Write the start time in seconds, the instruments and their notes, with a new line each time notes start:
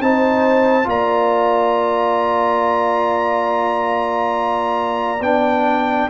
0.00 tuba C4, trombone D#4, horn C5, trumpet A5
0.84 tuba A#3, trombone F4, horn D5, trumpet A#5
5.20 tuba B3, trombone D4, trumpet G5